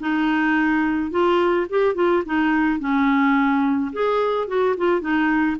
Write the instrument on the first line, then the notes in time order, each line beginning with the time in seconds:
clarinet
0.00 D#4
1.11 F4
1.69 G4
1.95 F4
2.26 D#4
2.80 C#4
3.93 G#4
4.48 F#4
4.77 F4
5.01 D#4